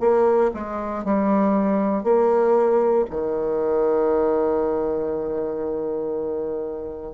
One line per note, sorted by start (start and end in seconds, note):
0.00 0.51 A#3
0.54 1.04 G#3
1.04 2.03 G3
2.03 3.05 A#3
3.10 7.14 D#3